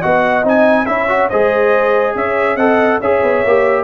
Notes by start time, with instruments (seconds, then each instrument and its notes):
0.00 tuba B3, trombone F#4, horn D#5, trumpet F#5
0.44 tuba C4, trombone D#4, trumpet G#5
0.86 tuba C#4, trombone E4, horn C#5, trumpet E5
1.09 trombone F#4
1.29 tuba G#3, trombone G#4, horn C5, trumpet D#5
2.15 tuba C#4, horn C#5, trumpet E5
2.56 tuba C4, trombone A4, horn D#5, trumpet F#5
3.00 tuba C#4, trombone G#4, horn C#5, trumpet E5
3.23 tuba B3
3.45 tuba A#3, trombone G4